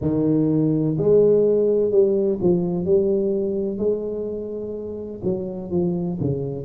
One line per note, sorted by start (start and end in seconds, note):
0.01 0.96 D#3
0.98 1.90 G#3
1.90 2.38 G3
2.41 2.85 F3
2.85 3.78 G3
3.78 5.21 G#3
5.23 5.71 F#3
5.71 6.18 F3
6.20 6.65 C#3